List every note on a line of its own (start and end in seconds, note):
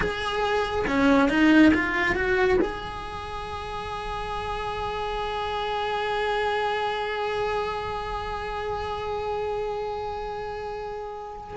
0.00 0.85 G#4
0.87 1.29 C#4
1.29 1.71 D#4
1.74 2.15 F4
2.15 2.58 F#4
2.61 11.57 G#4